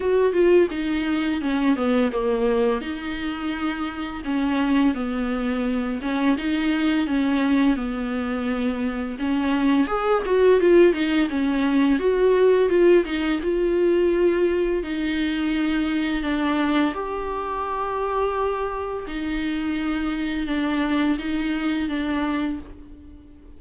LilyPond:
\new Staff \with { instrumentName = "viola" } { \time 4/4 \tempo 4 = 85 fis'8 f'8 dis'4 cis'8 b8 ais4 | dis'2 cis'4 b4~ | b8 cis'8 dis'4 cis'4 b4~ | b4 cis'4 gis'8 fis'8 f'8 dis'8 |
cis'4 fis'4 f'8 dis'8 f'4~ | f'4 dis'2 d'4 | g'2. dis'4~ | dis'4 d'4 dis'4 d'4 | }